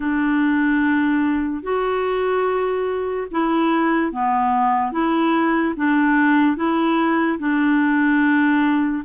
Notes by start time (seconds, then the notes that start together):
0.00 D4
1.63 F#4
3.31 E4
4.11 B3
4.92 E4
5.76 D4
6.56 E4
7.39 D4